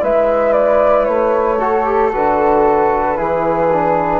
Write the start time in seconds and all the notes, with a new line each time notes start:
0.00 G#3 E4 B4 E5
0.52 D5
1.04 A3 C#5
1.59 F#4 A4
1.85 G4
2.12 D3 F#4 B4
3.16 E3 E4 G#4
3.72 D4